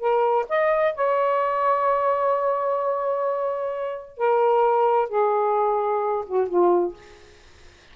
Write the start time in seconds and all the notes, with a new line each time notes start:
0.00 A#4
0.49 D#5
0.95 C#5
4.18 A#4
5.09 G#4
6.26 F#4
6.48 F4